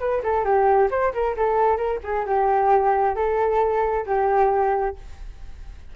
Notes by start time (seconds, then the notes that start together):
0.00 B4
0.23 A4
0.45 G4
0.91 C5
1.14 A#4
1.37 A4
1.77 A#4
2.04 G#4
2.27 G4
3.16 A4
4.06 G4